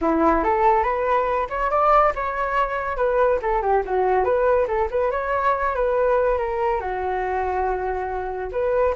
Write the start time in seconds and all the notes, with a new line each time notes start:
0.01 E4
0.43 A4
0.83 B4
1.49 C#5
1.70 D5
2.15 C#5
2.96 B4
3.42 A4
3.62 G4
3.85 F#4
4.24 B4
4.67 A4
4.91 B4
5.11 C#5
5.75 B4
6.38 A#4
6.80 F#4
8.51 B4